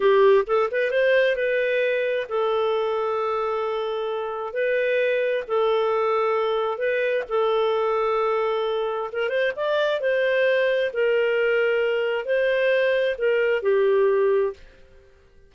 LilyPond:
\new Staff \with { instrumentName = "clarinet" } { \time 4/4 \tempo 4 = 132 g'4 a'8 b'8 c''4 b'4~ | b'4 a'2.~ | a'2 b'2 | a'2. b'4 |
a'1 | ais'8 c''8 d''4 c''2 | ais'2. c''4~ | c''4 ais'4 g'2 | }